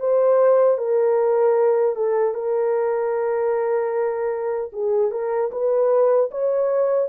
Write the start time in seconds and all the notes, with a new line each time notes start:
0.00 C5
0.78 A#4
1.96 A4
2.34 A#4
4.73 G#4
5.11 A#4
5.52 B4
6.31 C#5